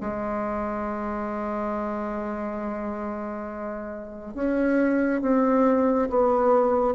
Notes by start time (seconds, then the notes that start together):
0.00 G#3
4.34 C#4
5.21 C4
6.09 B3